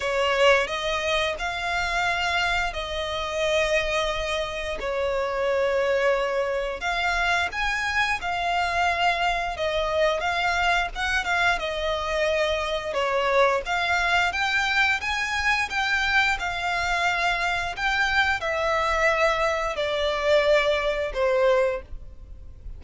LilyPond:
\new Staff \with { instrumentName = "violin" } { \time 4/4 \tempo 4 = 88 cis''4 dis''4 f''2 | dis''2. cis''4~ | cis''2 f''4 gis''4 | f''2 dis''4 f''4 |
fis''8 f''8 dis''2 cis''4 | f''4 g''4 gis''4 g''4 | f''2 g''4 e''4~ | e''4 d''2 c''4 | }